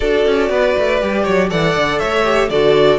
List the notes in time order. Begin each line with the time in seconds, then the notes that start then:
0.00 D4 F#4 A4 D5
0.25 C#4
0.49 B3 B4
0.78 A3
1.00 G3 G4
1.23 F#3 C#5
1.49 E3 A4 D5 F#5
1.76 D3
1.99 A3 C#5 E5
2.24 G4
2.49 D3 F#4 A4 D5